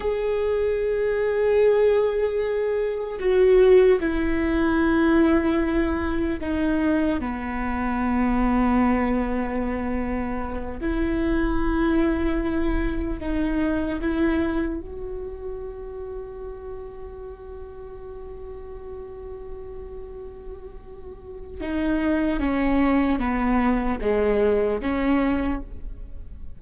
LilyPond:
\new Staff \with { instrumentName = "viola" } { \time 4/4 \tempo 4 = 75 gis'1 | fis'4 e'2. | dis'4 b2.~ | b4. e'2~ e'8~ |
e'8 dis'4 e'4 fis'4.~ | fis'1~ | fis'2. dis'4 | cis'4 b4 gis4 cis'4 | }